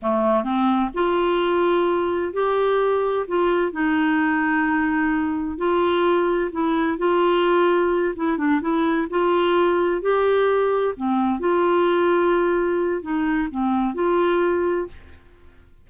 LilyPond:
\new Staff \with { instrumentName = "clarinet" } { \time 4/4 \tempo 4 = 129 a4 c'4 f'2~ | f'4 g'2 f'4 | dis'1 | f'2 e'4 f'4~ |
f'4. e'8 d'8 e'4 f'8~ | f'4. g'2 c'8~ | c'8 f'2.~ f'8 | dis'4 c'4 f'2 | }